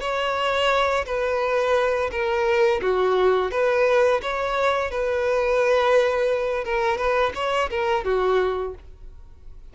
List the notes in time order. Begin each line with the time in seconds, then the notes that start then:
0.00 C#5
1.06 B4
2.11 A#4
2.82 F#4
3.51 B4
4.22 C#5
4.91 B4
6.64 A#4
6.97 B4
7.34 C#5
7.70 A#4
8.04 F#4